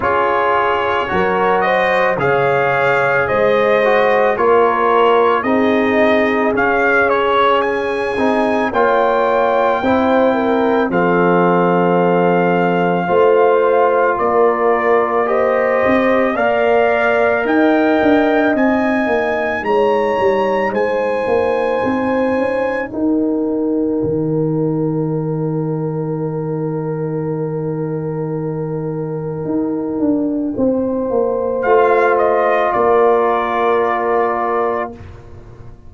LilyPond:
<<
  \new Staff \with { instrumentName = "trumpet" } { \time 4/4 \tempo 4 = 55 cis''4. dis''8 f''4 dis''4 | cis''4 dis''4 f''8 cis''8 gis''4 | g''2 f''2~ | f''4 d''4 dis''4 f''4 |
g''4 gis''4 ais''4 gis''4~ | gis''4 g''2.~ | g''1~ | g''4 f''8 dis''8 d''2 | }
  \new Staff \with { instrumentName = "horn" } { \time 4/4 gis'4 ais'8 c''8 cis''4 c''4 | ais'4 gis'2. | cis''4 c''8 ais'8 a'2 | c''4 ais'4 c''4 d''4 |
dis''2 cis''4 c''4~ | c''4 ais'2.~ | ais'1 | c''2 ais'2 | }
  \new Staff \with { instrumentName = "trombone" } { \time 4/4 f'4 fis'4 gis'4. fis'8 | f'4 dis'4 cis'4. dis'8 | f'4 e'4 c'2 | f'2 g'4 ais'4~ |
ais'4 dis'2.~ | dis'1~ | dis'1~ | dis'4 f'2. | }
  \new Staff \with { instrumentName = "tuba" } { \time 4/4 cis'4 fis4 cis4 gis4 | ais4 c'4 cis'4. c'8 | ais4 c'4 f2 | a4 ais4. c'8 ais4 |
dis'8 d'8 c'8 ais8 gis8 g8 gis8 ais8 | c'8 cis'8 dis'4 dis2~ | dis2. dis'8 d'8 | c'8 ais8 a4 ais2 | }
>>